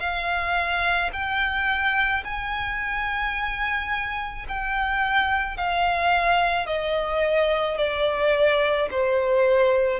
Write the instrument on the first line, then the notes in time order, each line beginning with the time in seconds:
violin
0.00 F5
1.13 G5
2.25 G#5
4.48 G5
5.58 F5
6.67 D#5
7.78 D5
8.91 C5